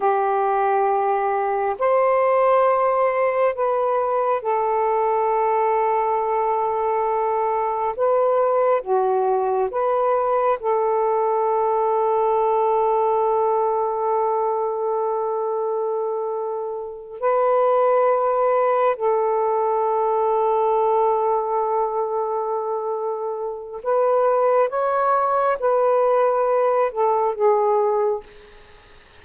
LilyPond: \new Staff \with { instrumentName = "saxophone" } { \time 4/4 \tempo 4 = 68 g'2 c''2 | b'4 a'2.~ | a'4 b'4 fis'4 b'4 | a'1~ |
a'2.~ a'8 b'8~ | b'4. a'2~ a'8~ | a'2. b'4 | cis''4 b'4. a'8 gis'4 | }